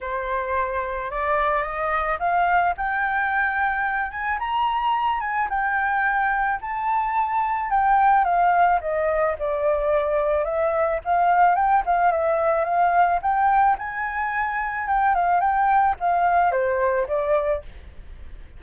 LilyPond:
\new Staff \with { instrumentName = "flute" } { \time 4/4 \tempo 4 = 109 c''2 d''4 dis''4 | f''4 g''2~ g''8 gis''8 | ais''4. gis''8 g''2 | a''2 g''4 f''4 |
dis''4 d''2 e''4 | f''4 g''8 f''8 e''4 f''4 | g''4 gis''2 g''8 f''8 | g''4 f''4 c''4 d''4 | }